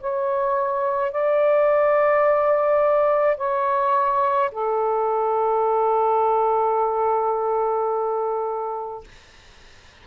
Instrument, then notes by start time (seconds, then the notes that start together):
saxophone
0.00 C#5
1.11 D5
3.37 C#5
4.51 A4